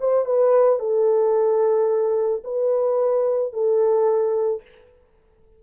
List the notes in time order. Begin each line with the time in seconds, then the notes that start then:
0.00 C5
0.26 B4
0.79 A4
2.44 B4
3.53 A4